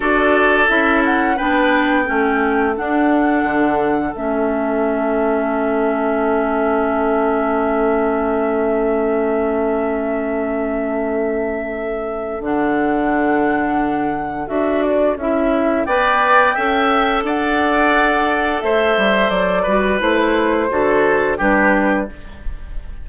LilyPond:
<<
  \new Staff \with { instrumentName = "flute" } { \time 4/4 \tempo 4 = 87 d''4 e''8 fis''8 g''2 | fis''2 e''2~ | e''1~ | e''1~ |
e''2 fis''2~ | fis''4 e''8 d''8 e''4 g''4~ | g''4 fis''2 e''4 | d''4 c''2 b'4 | }
  \new Staff \with { instrumentName = "oboe" } { \time 4/4 a'2 b'4 a'4~ | a'1~ | a'1~ | a'1~ |
a'1~ | a'2. d''4 | e''4 d''2 c''4~ | c''8 b'4. a'4 g'4 | }
  \new Staff \with { instrumentName = "clarinet" } { \time 4/4 fis'4 e'4 d'4 cis'4 | d'2 cis'2~ | cis'1~ | cis'1~ |
cis'2 d'2~ | d'4 fis'4 e'4 b'4 | a'1~ | a'8 fis'8 e'4 fis'4 d'4 | }
  \new Staff \with { instrumentName = "bassoon" } { \time 4/4 d'4 cis'4 b4 a4 | d'4 d4 a2~ | a1~ | a1~ |
a2 d2~ | d4 d'4 cis'4 b4 | cis'4 d'2 a8 g8 | fis8 g8 a4 d4 g4 | }
>>